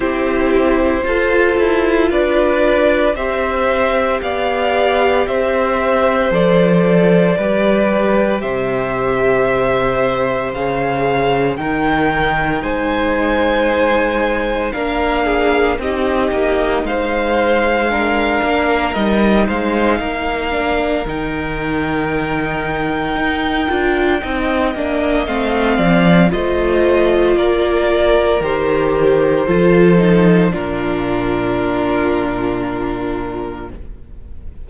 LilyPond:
<<
  \new Staff \with { instrumentName = "violin" } { \time 4/4 \tempo 4 = 57 c''2 d''4 e''4 | f''4 e''4 d''2 | e''2 f''4 g''4 | gis''2 f''4 dis''4 |
f''2 dis''8 f''4. | g''1 | f''4 dis''4 d''4 c''4~ | c''4 ais'2. | }
  \new Staff \with { instrumentName = "violin" } { \time 4/4 g'4 a'4 b'4 c''4 | d''4 c''2 b'4 | c''2. ais'4 | c''2 ais'8 gis'8 g'4 |
c''4 ais'4. c''8 ais'4~ | ais'2. dis''4~ | dis''8 d''8 c''4 ais'2 | a'4 f'2. | }
  \new Staff \with { instrumentName = "viola" } { \time 4/4 e'4 f'2 g'4~ | g'2 a'4 g'4~ | g'2 gis'4 dis'4~ | dis'2 d'4 dis'4~ |
dis'4 d'4 dis'4. d'8 | dis'2~ dis'8 f'8 dis'8 d'8 | c'4 f'2 g'4 | f'8 dis'8 d'2. | }
  \new Staff \with { instrumentName = "cello" } { \time 4/4 c'4 f'8 e'8 d'4 c'4 | b4 c'4 f4 g4 | c2 cis4 dis4 | gis2 ais4 c'8 ais8 |
gis4. ais8 g8 gis8 ais4 | dis2 dis'8 d'8 c'8 ais8 | a8 f8 a4 ais4 dis4 | f4 ais,2. | }
>>